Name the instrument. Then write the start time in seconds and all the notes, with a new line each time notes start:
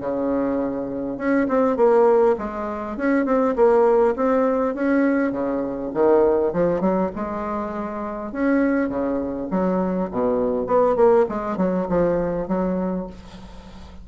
bassoon
0.00 C#3
1.17 C#4
1.48 C4
1.76 A#3
2.38 G#3
2.96 C#4
3.25 C4
3.56 A#3
4.16 C4
4.74 C#4
5.31 C#3
5.94 D#3
6.53 F3
6.80 F#3
7.15 G#3
8.32 C#4
8.89 C#3
9.50 F#3
10.11 B2
10.66 B3
10.95 A#3
11.29 G#3
11.57 F#3
11.89 F3
12.48 F#3